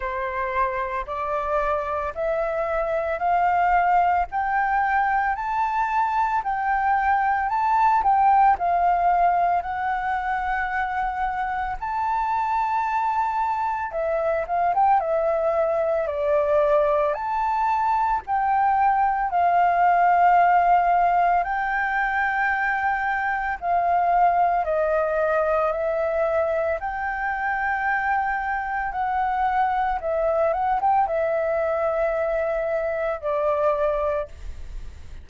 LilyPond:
\new Staff \with { instrumentName = "flute" } { \time 4/4 \tempo 4 = 56 c''4 d''4 e''4 f''4 | g''4 a''4 g''4 a''8 g''8 | f''4 fis''2 a''4~ | a''4 e''8 f''16 g''16 e''4 d''4 |
a''4 g''4 f''2 | g''2 f''4 dis''4 | e''4 g''2 fis''4 | e''8 fis''16 g''16 e''2 d''4 | }